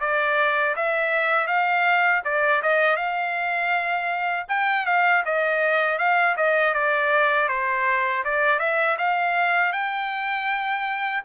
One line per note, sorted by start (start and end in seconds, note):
0.00 0.75 D5
0.75 1.47 E5
1.47 2.22 F5
2.24 2.61 D5
2.62 2.96 D#5
2.96 4.46 F5
4.48 4.85 G5
4.85 5.23 F5
5.25 5.98 D#5
5.98 6.35 F5
6.36 6.74 D#5
6.74 7.48 D5
7.48 8.23 C5
8.24 8.59 D5
8.59 8.96 E5
8.98 9.72 F5
9.72 11.22 G5